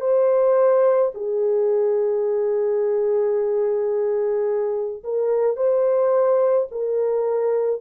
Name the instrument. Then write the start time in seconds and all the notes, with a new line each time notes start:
horn
0.00 C5
1.14 G#4
5.04 A#4
5.56 C5
6.71 A#4